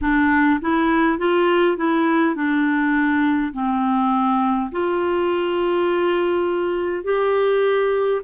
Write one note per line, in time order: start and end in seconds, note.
0.01 0.59 D4
0.60 1.18 E4
1.18 1.77 F4
1.77 2.35 E4
2.35 3.52 D4
3.53 4.71 C4
4.71 7.04 F4
7.04 8.21 G4